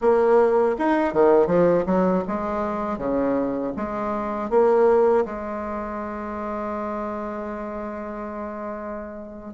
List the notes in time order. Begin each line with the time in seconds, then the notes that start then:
0.01 A#3
0.78 D#4
1.13 D#3
1.46 F3
1.86 F#3
2.27 G#3
2.98 C#3
3.76 G#3
4.50 A#3
5.25 G#3